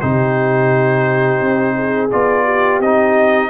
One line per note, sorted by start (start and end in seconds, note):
0.00 1.40 C3
0.00 2.11 D#4
0.00 1.75 G4
0.00 2.09 C5
1.40 2.10 C4
1.76 2.44 G#4
2.11 2.79 B3
2.11 2.82 F4
2.11 2.81 D5
2.44 3.49 G4
2.79 3.49 C4
2.79 3.49 D#4
2.79 3.49 D#5